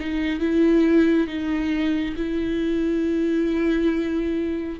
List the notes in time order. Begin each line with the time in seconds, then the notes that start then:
0.00 D#4
0.40 E4
1.27 D#4
2.17 E4